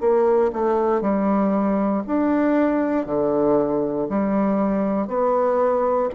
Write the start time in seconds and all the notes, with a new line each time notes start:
0.00 A#3
0.53 A3
1.01 G3
2.07 D4
3.06 D3
4.09 G3
5.07 B3